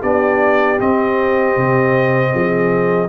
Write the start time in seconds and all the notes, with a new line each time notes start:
0.00 B3 D4 G4 D5
0.78 C4 D#5
1.57 C3
2.32 F3 G#4